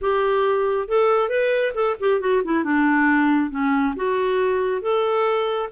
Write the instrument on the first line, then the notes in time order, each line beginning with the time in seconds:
clarinet
0.01 G4
0.88 A4
1.29 B4
1.74 A4
2.00 G4
2.20 F#4
2.44 E4
2.63 D4
3.50 C#4
3.96 F#4
4.81 A4